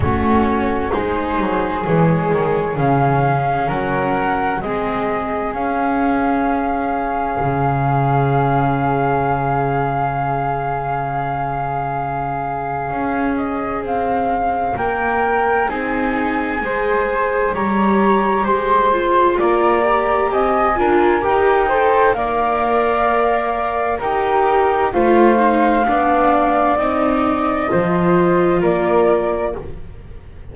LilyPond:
<<
  \new Staff \with { instrumentName = "flute" } { \time 4/4 \tempo 4 = 65 cis''4 c''4 cis''4 f''4 | fis''4 dis''4 f''2~ | f''1~ | f''2~ f''8 dis''8 f''4 |
g''4 gis''2 ais''4 | c'''4 ais''4 gis''4 g''4 | f''2 g''4 f''4~ | f''4 dis''2 d''4 | }
  \new Staff \with { instrumentName = "flute" } { \time 4/4 fis'4 gis'2. | ais'4 gis'2.~ | gis'1~ | gis'1 |
ais'4 gis'4 c''4 cis''4 | c''4 d''4 dis''8 ais'4 c''8 | d''2 ais'4 c''4 | d''2 c''4 ais'4 | }
  \new Staff \with { instrumentName = "viola" } { \time 4/4 cis'4 dis'4 gis4 cis'4~ | cis'4 c'4 cis'2~ | cis'1~ | cis'1~ |
cis'4 dis'4 gis'4 g'4~ | g'8 f'4 g'4 f'8 g'8 a'8 | ais'2 g'4 f'8 dis'8 | d'4 dis'4 f'2 | }
  \new Staff \with { instrumentName = "double bass" } { \time 4/4 a4 gis8 fis8 e8 dis8 cis4 | fis4 gis4 cis'2 | cis1~ | cis2 cis'4 c'4 |
ais4 c'4 gis4 g4 | gis4 ais4 c'8 d'8 dis'4 | ais2 dis'4 a4 | b4 c'4 f4 ais4 | }
>>